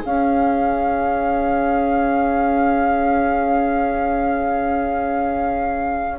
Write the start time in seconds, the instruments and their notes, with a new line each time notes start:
0.00 clarinet C#4, bassoon C#4, oboe G#4, flute F5